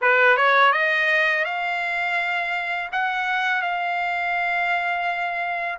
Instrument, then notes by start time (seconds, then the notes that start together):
trumpet
0.01 B4
0.36 C#5
0.72 D#5
1.45 F5
2.91 F#5
3.61 F5